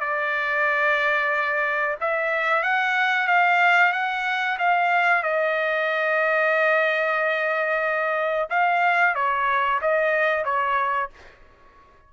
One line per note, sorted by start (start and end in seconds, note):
0.00 1.96 D5
2.00 2.63 E5
2.63 3.27 F#5
3.27 3.92 F5
3.92 4.58 F#5
4.58 5.23 F5
5.23 8.49 D#5
8.50 9.15 F5
9.15 9.80 C#5
9.81 10.44 D#5
10.44 11.10 C#5